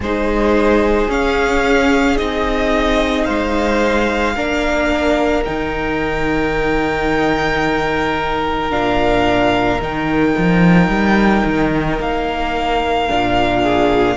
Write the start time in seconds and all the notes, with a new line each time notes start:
0.00 G#3 D#4 G#4 C5
1.08 C#4 F5
2.16 C4 D#4 D#5
3.24 G#3 C5 F5
4.35 A#3 D4 A#4
5.44 D#3 D#4 G5
8.70 A#2 D4 F5
9.79 D#3 D#4 G5
10.37 F3
10.87 G3
11.45 D#3
11.99 A#3 F5
13.08 A#2 D4
13.62 G#4